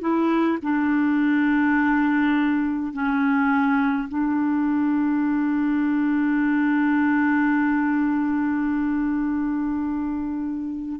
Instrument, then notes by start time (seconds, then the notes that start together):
clarinet
0.00 E4
0.62 D4
2.93 C#4
4.08 D4